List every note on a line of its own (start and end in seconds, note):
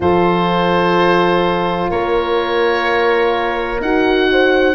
0.00 1.89 F3
0.00 3.79 F4
0.00 1.91 A4
0.00 1.90 C5
1.90 3.81 A#3
1.90 4.29 A#4
1.90 3.81 C#5
3.81 4.75 D#4
3.81 4.75 F#4
3.81 4.75 F#5
4.32 4.75 C5